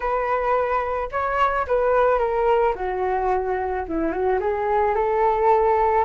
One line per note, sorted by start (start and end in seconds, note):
0.00 1.09 B4
1.11 1.66 C#5
1.67 2.18 B4
2.18 2.73 A#4
2.75 3.85 F#4
3.88 4.11 E4
4.11 4.39 F#4
4.40 4.95 G#4
4.95 6.04 A4